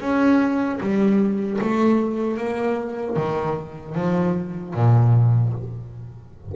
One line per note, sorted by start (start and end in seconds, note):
0.00 0.79 C#4
0.80 1.59 G3
1.61 2.37 A3
2.37 3.16 A#3
3.16 3.95 D#3
3.95 4.74 F3
4.74 5.53 A#2